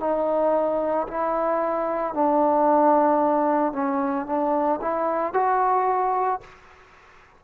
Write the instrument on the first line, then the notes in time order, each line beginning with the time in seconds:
trombone
0.00 D#4
1.08 E4
2.14 D4
3.73 C#4
4.27 D4
4.82 E4
5.34 F#4